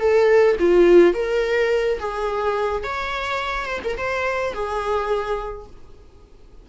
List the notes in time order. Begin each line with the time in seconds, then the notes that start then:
0.00 A4
0.60 F4
1.14 A#4
2.00 G#4
2.84 C#5
3.66 C5
3.84 A#4
3.98 C5
4.54 G#4